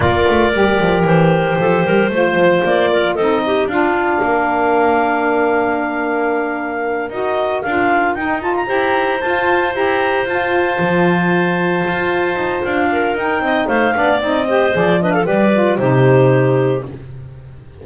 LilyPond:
<<
  \new Staff \with { instrumentName = "clarinet" } { \time 4/4 \tempo 4 = 114 d''2 c''2~ | c''4 d''4 dis''4 f''4~ | f''1~ | f''4. dis''4 f''4 g''8 |
a''16 ais''4~ ais''16 a''4 ais''4 a''8~ | a''1 | f''4 g''4 f''4 dis''4 | d''8 dis''16 f''16 d''4 c''2 | }
  \new Staff \with { instrumentName = "clarinet" } { \time 4/4 ais'2. a'8 ais'8 | c''4. ais'8 a'8 g'8 f'4 | ais'1~ | ais'1~ |
ais'8 c''2.~ c''8~ | c''1~ | c''8 ais'4 dis''8 c''8 d''4 c''8~ | c''8 b'16 a'16 b'4 g'2 | }
  \new Staff \with { instrumentName = "saxophone" } { \time 4/4 f'4 g'2. | f'2 dis'4 d'4~ | d'1~ | d'4. fis'4 f'4 dis'8 |
f'8 g'4 f'4 g'4 f'8~ | f'1~ | f'4 dis'4. d'8 dis'8 g'8 | gis'8 d'8 g'8 f'8 dis'2 | }
  \new Staff \with { instrumentName = "double bass" } { \time 4/4 ais8 a8 g8 f8 e4 f8 g8 | a8 f8 ais4 c'4 d'4 | ais1~ | ais4. dis'4 d'4 dis'8~ |
dis'8 e'4 f'4 e'4 f'8~ | f'8 f2 f'4 dis'8 | d'4 dis'8 c'8 a8 b8 c'4 | f4 g4 c2 | }
>>